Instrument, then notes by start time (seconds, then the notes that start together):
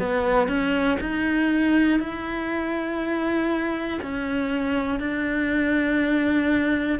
cello
0.00 B3
0.48 C#4
1.01 D#4
2.00 E4
4.02 C#4
5.00 D4